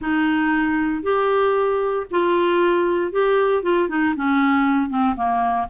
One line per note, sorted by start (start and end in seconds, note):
0.01 1.02 D#4
1.02 2.06 G4
2.10 3.12 F4
3.12 3.62 G4
3.62 3.88 F4
3.88 4.14 D#4
4.15 4.89 C#4
4.89 5.15 C4
5.16 5.67 A#3